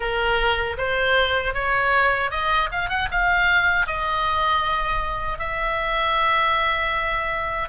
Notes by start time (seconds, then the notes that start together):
0.00 A#4
0.77 C5
1.53 C#5
2.30 D#5
2.71 F5
2.89 F#5
3.11 F5
3.87 D#5
5.38 E5